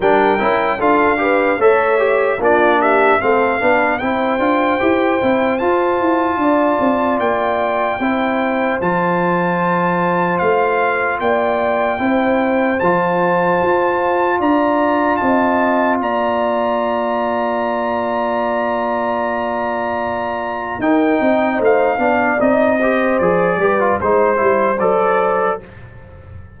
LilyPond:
<<
  \new Staff \with { instrumentName = "trumpet" } { \time 4/4 \tempo 4 = 75 g''4 f''4 e''4 d''8 e''8 | f''4 g''2 a''4~ | a''4 g''2 a''4~ | a''4 f''4 g''2 |
a''2 ais''4 a''4 | ais''1~ | ais''2 g''4 f''4 | dis''4 d''4 c''4 d''4 | }
  \new Staff \with { instrumentName = "horn" } { \time 4/4 ais'4 a'8 b'8 cis''4 f'8 g'8 | a'8 b'8 c''2. | d''2 c''2~ | c''2 d''4 c''4~ |
c''2 d''4 dis''4 | d''1~ | d''2 ais'8 dis''8 c''8 d''8~ | d''8 c''4 b'8 c''2 | }
  \new Staff \with { instrumentName = "trombone" } { \time 4/4 d'8 e'8 f'8 g'8 a'8 g'8 d'4 | c'8 d'8 e'8 f'8 g'8 e'8 f'4~ | f'2 e'4 f'4~ | f'2. e'4 |
f'1~ | f'1~ | f'2 dis'4. d'8 | dis'8 g'8 gis'8 g'16 f'16 dis'8 e'8 a'4 | }
  \new Staff \with { instrumentName = "tuba" } { \time 4/4 g8 cis'8 d'4 a4 ais4 | a8 b8 c'8 d'8 e'8 c'8 f'8 e'8 | d'8 c'8 ais4 c'4 f4~ | f4 a4 ais4 c'4 |
f4 f'4 d'4 c'4 | ais1~ | ais2 dis'8 c'8 a8 b8 | c'4 f8 g8 gis8 g8 fis4 | }
>>